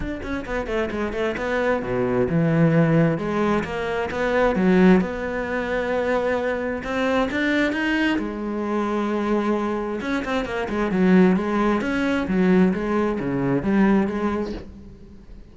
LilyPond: \new Staff \with { instrumentName = "cello" } { \time 4/4 \tempo 4 = 132 d'8 cis'8 b8 a8 gis8 a8 b4 | b,4 e2 gis4 | ais4 b4 fis4 b4~ | b2. c'4 |
d'4 dis'4 gis2~ | gis2 cis'8 c'8 ais8 gis8 | fis4 gis4 cis'4 fis4 | gis4 cis4 g4 gis4 | }